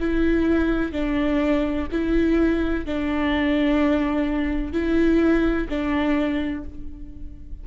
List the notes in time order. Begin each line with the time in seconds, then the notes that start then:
0.00 E4
0.92 D4
1.91 E4
2.85 D4
4.72 E4
5.69 D4